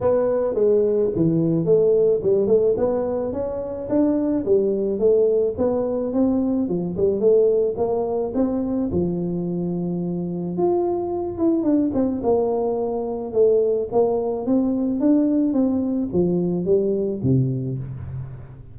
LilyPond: \new Staff \with { instrumentName = "tuba" } { \time 4/4 \tempo 4 = 108 b4 gis4 e4 a4 | g8 a8 b4 cis'4 d'4 | g4 a4 b4 c'4 | f8 g8 a4 ais4 c'4 |
f2. f'4~ | f'8 e'8 d'8 c'8 ais2 | a4 ais4 c'4 d'4 | c'4 f4 g4 c4 | }